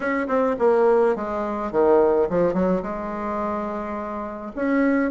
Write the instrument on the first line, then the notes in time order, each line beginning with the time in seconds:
bassoon
0.00 C#4
0.27 C4
0.58 A#3
1.15 G#3
1.71 D#3
2.29 F3
2.53 F#3
2.82 G#3
4.55 C#4